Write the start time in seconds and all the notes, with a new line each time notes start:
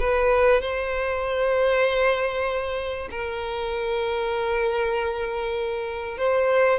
0.00 B4
0.61 C5
3.11 A#4
6.18 C5